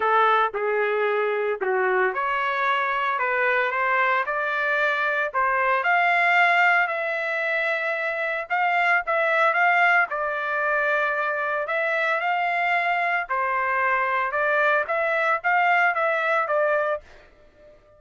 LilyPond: \new Staff \with { instrumentName = "trumpet" } { \time 4/4 \tempo 4 = 113 a'4 gis'2 fis'4 | cis''2 b'4 c''4 | d''2 c''4 f''4~ | f''4 e''2. |
f''4 e''4 f''4 d''4~ | d''2 e''4 f''4~ | f''4 c''2 d''4 | e''4 f''4 e''4 d''4 | }